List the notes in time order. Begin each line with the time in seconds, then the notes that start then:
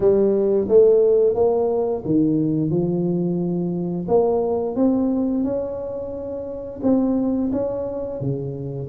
0.00 G3
0.68 A3
1.34 A#3
2.05 D#3
2.70 F3
4.08 A#3
4.75 C4
5.44 C#4
6.82 C4
7.52 C#4
8.20 C#3